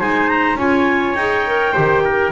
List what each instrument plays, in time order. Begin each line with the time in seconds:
0.00 double bass G#3, clarinet D#4 G#5, trumpet C5
0.29 clarinet A#5
0.56 double bass C#4, clarinet F4 G#5, trumpet C#5
1.15 double bass D#4, clarinet G#4 G5
1.47 clarinet A#4
1.73 double bass D#3, clarinet G4, trumpet C5
2.05 trumpet A#4